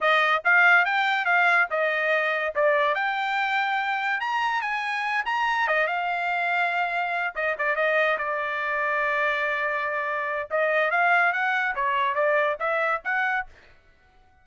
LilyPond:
\new Staff \with { instrumentName = "trumpet" } { \time 4/4 \tempo 4 = 143 dis''4 f''4 g''4 f''4 | dis''2 d''4 g''4~ | g''2 ais''4 gis''4~ | gis''8 ais''4 dis''8 f''2~ |
f''4. dis''8 d''8 dis''4 d''8~ | d''1~ | d''4 dis''4 f''4 fis''4 | cis''4 d''4 e''4 fis''4 | }